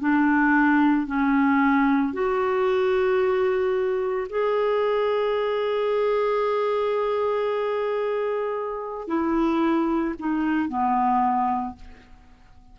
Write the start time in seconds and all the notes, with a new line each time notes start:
0.00 D4
1.07 C#4
2.13 F#4
4.30 G#4
9.08 E4
10.19 D#4
10.69 B3